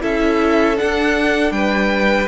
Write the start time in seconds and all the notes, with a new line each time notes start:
0.00 C#4 E4 A4 E5
0.76 D4 F#5
0.82 D4
1.51 G3 B4 G5